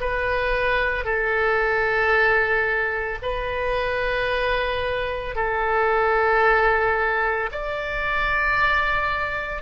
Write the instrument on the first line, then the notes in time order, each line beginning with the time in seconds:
oboe
0.00 B4
1.04 A4
3.22 B4
5.36 A4
7.52 D5